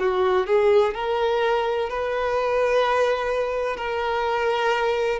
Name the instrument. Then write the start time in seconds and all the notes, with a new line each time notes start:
violin
0.00 F#4
0.47 G#4
0.95 A#4
1.90 B4
3.77 A#4